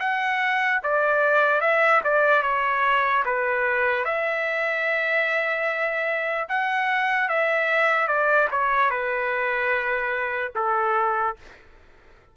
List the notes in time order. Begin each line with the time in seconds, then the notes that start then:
0.00 F#5
0.83 D5
1.61 E5
2.04 D5
2.43 C#5
3.25 B4
4.05 E5
6.49 F#5
7.29 E5
8.08 D5
8.51 C#5
8.90 B4
10.56 A4